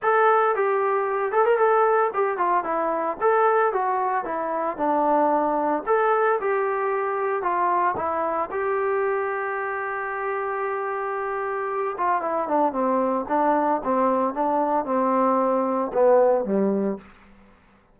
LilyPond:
\new Staff \with { instrumentName = "trombone" } { \time 4/4 \tempo 4 = 113 a'4 g'4. a'16 ais'16 a'4 | g'8 f'8 e'4 a'4 fis'4 | e'4 d'2 a'4 | g'2 f'4 e'4 |
g'1~ | g'2~ g'8 f'8 e'8 d'8 | c'4 d'4 c'4 d'4 | c'2 b4 g4 | }